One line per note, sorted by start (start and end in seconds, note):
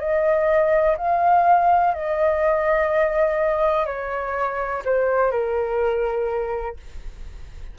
0.00 0.97 D#5
0.98 1.94 F5
1.94 3.86 D#5
3.86 4.83 C#5
4.85 5.31 C5
5.31 6.77 A#4